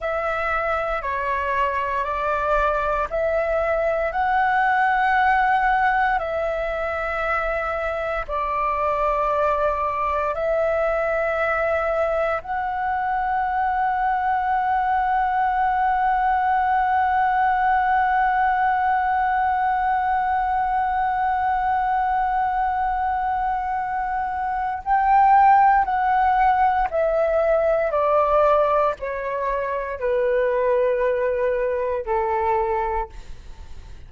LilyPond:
\new Staff \with { instrumentName = "flute" } { \time 4/4 \tempo 4 = 58 e''4 cis''4 d''4 e''4 | fis''2 e''2 | d''2 e''2 | fis''1~ |
fis''1~ | fis''1 | g''4 fis''4 e''4 d''4 | cis''4 b'2 a'4 | }